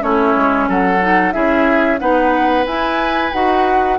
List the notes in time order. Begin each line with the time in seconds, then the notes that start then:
0.00 A3 C#4 E4 C#5
0.35 G#3
0.68 F#3 A4 F#5
1.00 D#4
1.32 C#4 E4 G#4 E5
1.99 B3 D#4 B4 F#5
2.66 E4 G#5
3.33 D#4 F#4 F#5